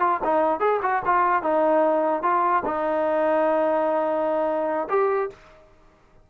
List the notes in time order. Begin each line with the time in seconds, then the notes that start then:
0.00 F4
0.24 D#4
0.60 G#4
0.82 F#4
1.06 F4
1.43 D#4
2.23 F4
2.66 D#4
4.89 G4